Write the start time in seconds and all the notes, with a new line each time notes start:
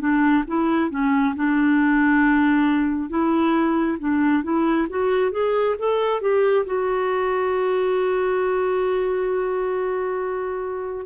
0.00 D4
0.47 E4
0.90 C#4
1.35 D4
3.09 E4
3.99 D4
4.43 E4
4.90 F#4
5.31 G#4
5.79 A4
6.21 G4
6.66 F#4